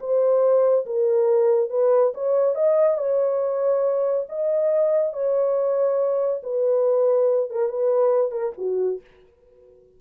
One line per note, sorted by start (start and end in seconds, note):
0.00 0.86 C5
0.86 1.70 A#4
1.70 2.13 B4
2.14 2.55 C#5
2.55 2.98 D#5
2.98 4.27 C#5
4.29 5.13 D#5
5.13 6.42 C#5
6.43 7.50 B4
7.50 7.69 A#4
7.69 8.31 B4
8.31 8.53 A#4
8.58 9.01 F#4